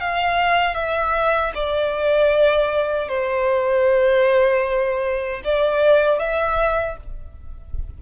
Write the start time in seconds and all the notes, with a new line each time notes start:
0.00 F5
0.75 E5
1.54 D5
3.08 C5
5.44 D5
6.19 E5